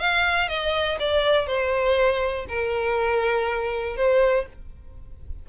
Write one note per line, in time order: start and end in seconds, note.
0.00 0.49 F5
0.49 0.98 D#5
1.00 1.47 D5
1.47 2.47 C5
2.49 3.97 A#4
3.97 4.47 C5